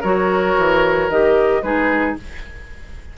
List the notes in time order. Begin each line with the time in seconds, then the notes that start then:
0.00 F#3 F#4 A#4 C#5
0.58 E3
1.09 D#3 G4 D#5
1.62 G#3 D#4 G#4 B4